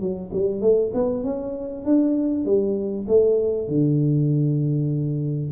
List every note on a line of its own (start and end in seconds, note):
0.00 0.31 F#3
0.33 0.62 G3
0.62 0.92 A3
0.94 1.24 B3
1.24 1.85 C#4
1.85 2.45 D4
2.45 3.06 G3
3.08 3.68 A3
3.68 5.52 D3